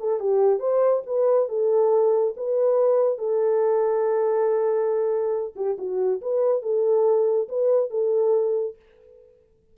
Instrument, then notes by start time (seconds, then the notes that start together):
horn
0.00 A4
0.20 G4
0.60 C5
1.06 B4
1.49 A4
2.37 B4
3.19 A4
5.56 G4
5.78 F#4
6.22 B4
6.63 A4
7.49 B4
7.90 A4